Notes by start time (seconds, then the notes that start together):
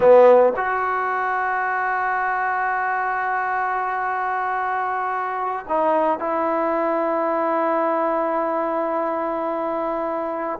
0.00 B3
0.56 F#4
5.68 D#4
6.19 E4